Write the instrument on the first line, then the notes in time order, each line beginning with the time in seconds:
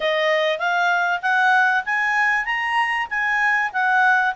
clarinet
0.00 D#5
0.58 F5
1.22 F#5
1.85 G#5
2.45 A#5
3.10 G#5
3.73 F#5